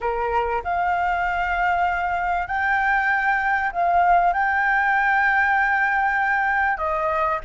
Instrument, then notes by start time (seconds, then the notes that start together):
flute
0.00 A#4
0.64 F5
2.47 G5
3.72 F5
4.33 G5
6.77 D#5